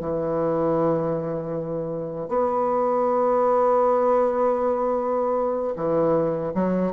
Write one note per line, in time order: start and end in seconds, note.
0.00 2.29 E3
2.29 5.75 B3
5.76 6.53 E3
6.55 6.93 F#3